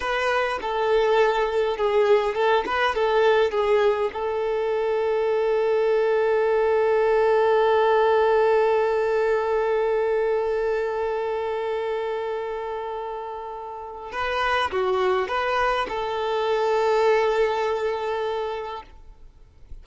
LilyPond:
\new Staff \with { instrumentName = "violin" } { \time 4/4 \tempo 4 = 102 b'4 a'2 gis'4 | a'8 b'8 a'4 gis'4 a'4~ | a'1~ | a'1~ |
a'1~ | a'1 | b'4 fis'4 b'4 a'4~ | a'1 | }